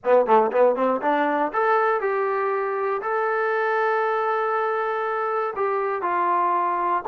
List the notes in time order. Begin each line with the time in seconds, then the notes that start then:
0.04 B3
0.26 A3
0.51 B3
0.75 C4
1.01 D4
1.52 A4
2.00 G4
3.02 A4
5.56 G4
6.02 F4